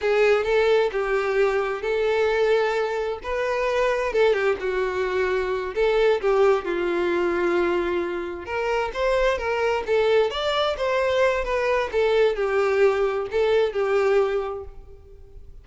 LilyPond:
\new Staff \with { instrumentName = "violin" } { \time 4/4 \tempo 4 = 131 gis'4 a'4 g'2 | a'2. b'4~ | b'4 a'8 g'8 fis'2~ | fis'8 a'4 g'4 f'4.~ |
f'2~ f'8 ais'4 c''8~ | c''8 ais'4 a'4 d''4 c''8~ | c''4 b'4 a'4 g'4~ | g'4 a'4 g'2 | }